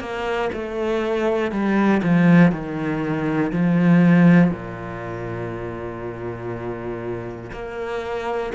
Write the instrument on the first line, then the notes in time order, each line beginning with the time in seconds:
cello
0.00 A#3
0.53 A3
1.51 G3
2.03 F3
2.52 D#3
3.52 F3
4.51 A#2
7.52 A#3